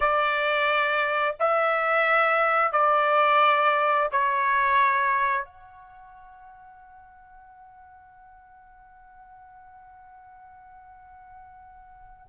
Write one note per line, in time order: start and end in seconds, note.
0.00 1.35 D5
1.39 2.71 E5
2.71 4.08 D5
4.11 5.44 C#5
5.44 12.26 F#5